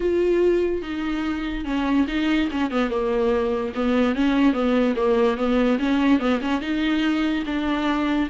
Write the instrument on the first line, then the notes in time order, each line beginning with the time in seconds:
viola
0.00 F4
0.82 D#4
1.65 C#4
2.07 D#4
2.51 C#4
2.70 B3
2.90 A#3
3.74 B3
4.15 C#4
4.53 B3
4.95 A#3
5.37 B3
5.79 C#4
6.19 B3
6.41 C#4
6.61 D#4
7.46 D4